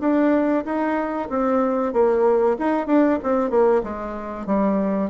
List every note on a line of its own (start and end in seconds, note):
0.00 0.64 D4
0.65 1.29 D#4
1.29 1.93 C4
1.93 2.56 A#3
2.58 2.86 D#4
2.86 3.18 D4
3.23 3.50 C4
3.50 3.82 A#3
3.83 4.46 G#3
4.46 5.10 G3